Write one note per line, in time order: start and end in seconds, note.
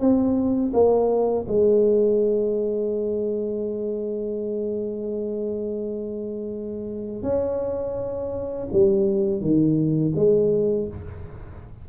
0.00 0.72 C4
0.73 1.46 A#3
1.48 7.23 G#3
7.23 8.67 C#4
8.72 9.41 G3
9.41 10.13 D#3
10.15 10.88 G#3